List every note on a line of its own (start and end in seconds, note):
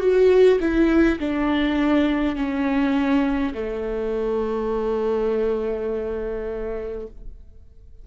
0.00 0.59 F#4
0.60 1.19 E4
1.19 2.35 D4
2.35 3.53 C#4
3.54 7.07 A3